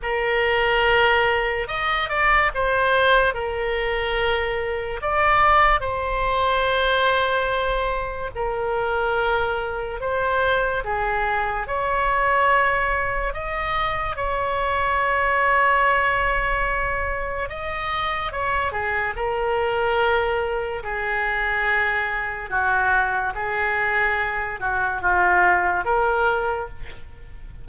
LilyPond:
\new Staff \with { instrumentName = "oboe" } { \time 4/4 \tempo 4 = 72 ais'2 dis''8 d''8 c''4 | ais'2 d''4 c''4~ | c''2 ais'2 | c''4 gis'4 cis''2 |
dis''4 cis''2.~ | cis''4 dis''4 cis''8 gis'8 ais'4~ | ais'4 gis'2 fis'4 | gis'4. fis'8 f'4 ais'4 | }